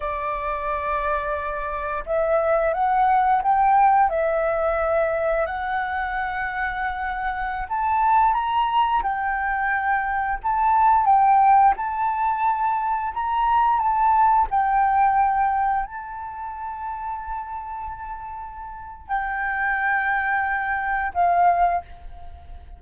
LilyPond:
\new Staff \with { instrumentName = "flute" } { \time 4/4 \tempo 4 = 88 d''2. e''4 | fis''4 g''4 e''2 | fis''2.~ fis''16 a''8.~ | a''16 ais''4 g''2 a''8.~ |
a''16 g''4 a''2 ais''8.~ | ais''16 a''4 g''2 a''8.~ | a''1 | g''2. f''4 | }